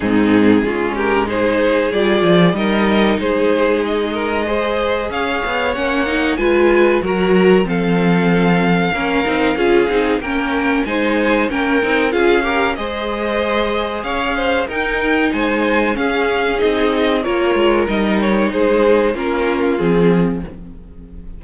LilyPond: <<
  \new Staff \with { instrumentName = "violin" } { \time 4/4 \tempo 4 = 94 gis'4. ais'8 c''4 d''4 | dis''4 c''4 dis''2 | f''4 fis''4 gis''4 ais''4 | f''1 |
g''4 gis''4 g''4 f''4 | dis''2 f''4 g''4 | gis''4 f''4 dis''4 cis''4 | dis''8 cis''8 c''4 ais'4 gis'4 | }
  \new Staff \with { instrumentName = "violin" } { \time 4/4 dis'4 f'8 g'8 gis'2 | ais'4 gis'4. ais'8 c''4 | cis''2 b'4 ais'4 | a'2 ais'4 gis'4 |
ais'4 c''4 ais'4 gis'8 ais'8 | c''2 cis''8 c''8 ais'4 | c''4 gis'2 ais'4~ | ais'4 gis'4 f'2 | }
  \new Staff \with { instrumentName = "viola" } { \time 4/4 c'4 cis'4 dis'4 f'4 | dis'2. gis'4~ | gis'4 cis'8 dis'8 f'4 fis'4 | c'2 cis'8 dis'8 f'8 dis'8 |
cis'4 dis'4 cis'8 dis'8 f'8 g'8 | gis'2. dis'4~ | dis'4 cis'4 dis'4 f'4 | dis'2 cis'4 c'4 | }
  \new Staff \with { instrumentName = "cello" } { \time 4/4 gis,4 gis2 g8 f8 | g4 gis2. | cis'8 b8 ais4 gis4 fis4 | f2 ais8 c'8 cis'8 c'8 |
ais4 gis4 ais8 c'8 cis'4 | gis2 cis'4 dis'4 | gis4 cis'4 c'4 ais8 gis8 | g4 gis4 ais4 f4 | }
>>